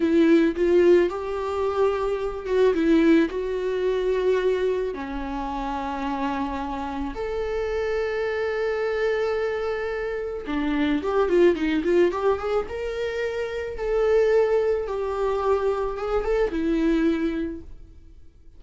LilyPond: \new Staff \with { instrumentName = "viola" } { \time 4/4 \tempo 4 = 109 e'4 f'4 g'2~ | g'8 fis'8 e'4 fis'2~ | fis'4 cis'2.~ | cis'4 a'2.~ |
a'2. d'4 | g'8 f'8 dis'8 f'8 g'8 gis'8 ais'4~ | ais'4 a'2 g'4~ | g'4 gis'8 a'8 e'2 | }